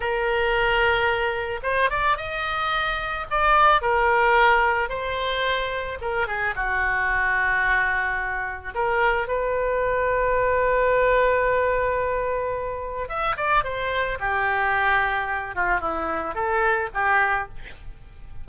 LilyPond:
\new Staff \with { instrumentName = "oboe" } { \time 4/4 \tempo 4 = 110 ais'2. c''8 d''8 | dis''2 d''4 ais'4~ | ais'4 c''2 ais'8 gis'8 | fis'1 |
ais'4 b'2.~ | b'1 | e''8 d''8 c''4 g'2~ | g'8 f'8 e'4 a'4 g'4 | }